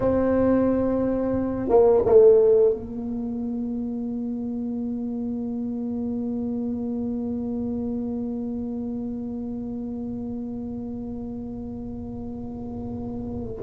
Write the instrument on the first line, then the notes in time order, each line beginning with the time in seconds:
tuba
0.00 C4
1.68 A#3
2.05 A3
2.73 A#3